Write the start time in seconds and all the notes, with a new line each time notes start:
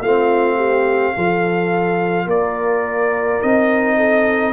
0.00 A3 C4 F4 F5
0.56 G4
1.15 F3 F4 A4
2.25 A#3 A#4 D5
3.41 C4 D#4 D#5
3.96 A4